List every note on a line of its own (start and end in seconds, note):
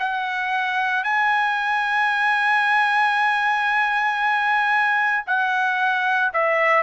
0.00 1.04 F#5
1.04 5.25 G#5
5.27 6.33 F#5
6.34 6.83 E5